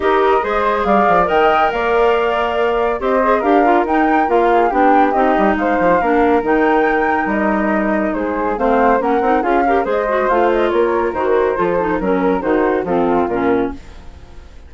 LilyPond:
<<
  \new Staff \with { instrumentName = "flute" } { \time 4/4 \tempo 4 = 140 dis''2 f''4 g''4 | f''2. dis''4 | f''4 g''4 f''4 g''4 | dis''4 f''2 g''4~ |
g''4 dis''2 c''4 | f''4 fis''4 f''4 dis''4 | f''8 dis''8 cis''4 c''2 | ais'4 c''4 a'4 ais'4 | }
  \new Staff \with { instrumentName = "flute" } { \time 4/4 ais'4 c''4 d''4 dis''4 | d''2. c''4 | ais'2~ ais'8 gis'8 g'4~ | g'4 c''4 ais'2~ |
ais'2. gis'4 | c''4 ais'4 gis'8 ais'8 c''4~ | c''4 ais'2 a'4 | ais'4 fis'4 f'2 | }
  \new Staff \with { instrumentName = "clarinet" } { \time 4/4 g'4 gis'2 ais'4~ | ais'2. g'8 gis'8 | g'8 f'8 dis'4 f'4 d'4 | dis'2 d'4 dis'4~ |
dis'1 | c'4 cis'8 dis'8 f'8 g'8 gis'8 fis'8 | f'2 fis'4 f'8 dis'8 | cis'4 dis'4 c'4 cis'4 | }
  \new Staff \with { instrumentName = "bassoon" } { \time 4/4 dis'4 gis4 g8 f8 dis4 | ais2. c'4 | d'4 dis'4 ais4 b4 | c'8 g8 gis8 f8 ais4 dis4~ |
dis4 g2 gis4 | a4 ais8 c'8 cis'4 gis4 | a4 ais4 dis4 f4 | fis4 dis4 f4 ais,4 | }
>>